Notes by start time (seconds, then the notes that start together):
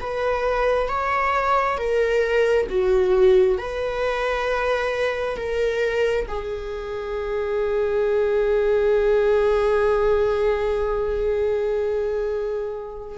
0.00 B4
0.88 C#5
1.77 A#4
2.69 F#4
3.57 B4
5.36 A#4
6.28 G#4